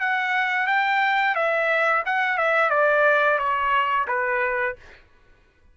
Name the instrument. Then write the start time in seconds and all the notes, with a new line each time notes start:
trumpet
0.00 F#5
0.67 G5
1.35 E5
2.05 F#5
2.37 E5
2.70 D5
3.38 C#5
4.08 B4